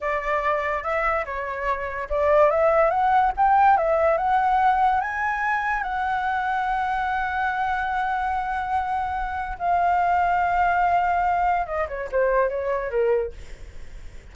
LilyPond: \new Staff \with { instrumentName = "flute" } { \time 4/4 \tempo 4 = 144 d''2 e''4 cis''4~ | cis''4 d''4 e''4 fis''4 | g''4 e''4 fis''2 | gis''2 fis''2~ |
fis''1~ | fis''2. f''4~ | f''1 | dis''8 cis''8 c''4 cis''4 ais'4 | }